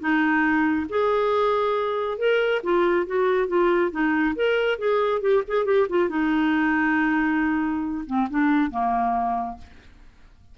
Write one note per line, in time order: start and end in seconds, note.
0.00 0.87 D#4
0.89 2.18 G#4
2.18 2.61 A#4
2.63 3.07 F4
3.07 3.48 F#4
3.48 3.91 F4
3.91 4.35 D#4
4.36 4.78 A#4
4.78 5.21 G#4
5.21 5.43 G4
5.48 5.65 G#4
5.65 5.87 G4
5.89 6.09 F4
6.09 8.05 D#4
8.06 8.28 C4
8.30 8.71 D4
8.71 9.58 A#3